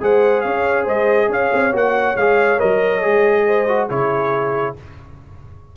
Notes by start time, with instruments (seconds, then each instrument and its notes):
0.00 tuba G#3, trombone G#4, horn C5, trumpet F#5
0.40 tuba C#4, horn C#5, trumpet F5
0.84 tuba G#3, horn C5, trumpet D#5
1.28 tuba C#4, horn C#5, trumpet F5
1.53 tuba C4
1.72 tuba A#3, trombone F#4, trumpet F#5
2.16 tuba G#3, trombone G#4, trumpet F5
2.58 tuba F#3, trombone A#4, trumpet D#5
3.01 tuba G#3, trombone G#4
3.46 horn C5
3.68 trombone F#4
3.87 tuba C#3, trombone E4, horn G#4, trumpet C#5